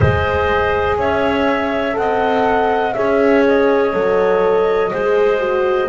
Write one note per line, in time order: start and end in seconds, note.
0.00 0.97 G#3
0.00 1.93 G#4
0.00 0.97 C5
0.00 0.97 D#5
0.97 1.96 C#4
0.97 1.96 C#5
0.97 1.97 E5
1.93 2.94 C4
1.93 2.91 A4
1.93 2.96 D#5
1.93 2.93 F#5
2.93 3.93 C#4
2.93 3.93 G#4
2.93 4.91 C#5
2.93 3.42 E5
3.47 5.89 D#5
3.93 4.91 F#3
3.93 4.91 A4
4.91 5.89 G#3
4.91 5.39 G#4
4.91 5.89 C5
5.39 5.89 F#4